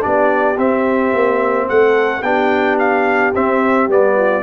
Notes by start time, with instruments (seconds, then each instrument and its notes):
0.00 tuba B3, trombone D4, horn G4, trumpet D5
0.57 trombone C4, tuba C4, trumpet E5
1.13 tuba A#3
1.69 tuba A3, horn A4, trumpet F#5
2.22 tuba B3, trombone D4, horn G4, trumpet G5
2.78 trumpet F5
3.34 tuba C4, trombone C4, trumpet E5
3.88 tuba G3, trombone B3, trumpet D5
4.16 horn F4